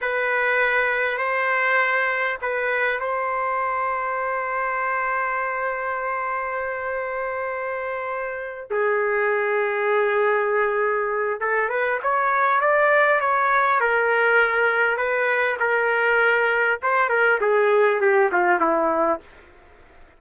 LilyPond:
\new Staff \with { instrumentName = "trumpet" } { \time 4/4 \tempo 4 = 100 b'2 c''2 | b'4 c''2.~ | c''1~ | c''2~ c''8 gis'4.~ |
gis'2. a'8 b'8 | cis''4 d''4 cis''4 ais'4~ | ais'4 b'4 ais'2 | c''8 ais'8 gis'4 g'8 f'8 e'4 | }